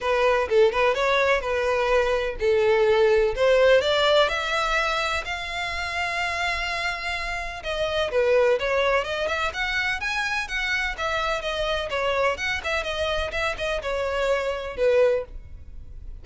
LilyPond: \new Staff \with { instrumentName = "violin" } { \time 4/4 \tempo 4 = 126 b'4 a'8 b'8 cis''4 b'4~ | b'4 a'2 c''4 | d''4 e''2 f''4~ | f''1 |
dis''4 b'4 cis''4 dis''8 e''8 | fis''4 gis''4 fis''4 e''4 | dis''4 cis''4 fis''8 e''8 dis''4 | e''8 dis''8 cis''2 b'4 | }